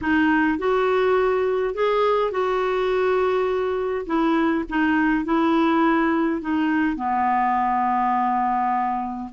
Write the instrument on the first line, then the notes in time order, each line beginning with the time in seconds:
clarinet
0.01 D#4
0.58 F#4
1.74 G#4
2.31 F#4
4.06 E4
4.69 D#4
5.25 E4
6.41 D#4
6.96 B3